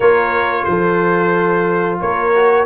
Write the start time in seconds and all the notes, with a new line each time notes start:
0.00 A#3 F4 A#4 C#5
0.64 F3 A4 C5
2.00 A#3 A#4 C#5
2.34 F#4